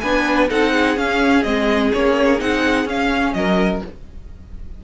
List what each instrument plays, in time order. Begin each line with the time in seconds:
0.00 cello B3, viola D4, violin B4 G#5
0.49 cello C4, viola D#4, violin A4 F#5
0.72 violin G#4
0.96 viola C#4, cello C#4, violin F5
1.43 cello G#3, viola C4, violin D#5
1.93 cello A#3, viola C#4, violin C#5
2.38 cello C4, viola D#4, violin F#5
2.85 cello C#4, viola C#4, violin F5
3.33 cello F#3, violin A#4 D#5